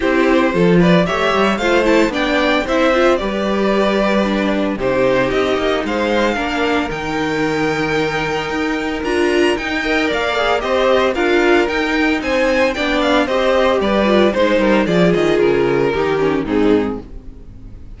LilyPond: <<
  \new Staff \with { instrumentName = "violin" } { \time 4/4 \tempo 4 = 113 c''4. d''8 e''4 f''8 a''8 | g''4 e''4 d''2~ | d''4 c''4 dis''4 f''4~ | f''4 g''2.~ |
g''4 ais''4 g''4 f''4 | dis''4 f''4 g''4 gis''4 | g''8 f''8 dis''4 d''4 c''4 | d''8 dis''8 ais'2 gis'4 | }
  \new Staff \with { instrumentName = "violin" } { \time 4/4 g'4 a'8 b'8 cis''4 c''4 | d''4 c''4 b'2~ | b'4 g'2 c''4 | ais'1~ |
ais'2~ ais'8 dis''8 d''4 | c''4 ais'2 c''4 | d''4 c''4 b'4 c''8 ais'8 | gis'2 g'4 dis'4 | }
  \new Staff \with { instrumentName = "viola" } { \time 4/4 e'4 f'4 g'4 f'8 e'8 | d'4 e'8 f'8 g'2 | d'4 dis'2. | d'4 dis'2.~ |
dis'4 f'4 dis'8 ais'4 gis'8 | g'4 f'4 dis'2 | d'4 g'4. f'8 dis'4 | f'2 dis'8 cis'8 c'4 | }
  \new Staff \with { instrumentName = "cello" } { \time 4/4 c'4 f4 a8 g8 a4 | b4 c'4 g2~ | g4 c4 c'8 ais8 gis4 | ais4 dis2. |
dis'4 d'4 dis'4 ais4 | c'4 d'4 dis'4 c'4 | b4 c'4 g4 gis8 g8 | f8 dis8 cis4 dis4 gis,4 | }
>>